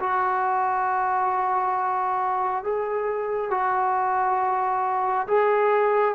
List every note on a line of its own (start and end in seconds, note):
0.00 2.64 F#4
2.64 3.51 G#4
3.51 5.27 F#4
5.27 6.15 G#4